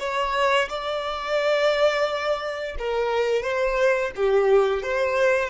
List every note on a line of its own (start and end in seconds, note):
0.00 0.69 C#5
0.69 2.76 D5
2.79 3.43 A#4
3.43 4.12 C5
4.16 4.83 G4
4.83 5.50 C5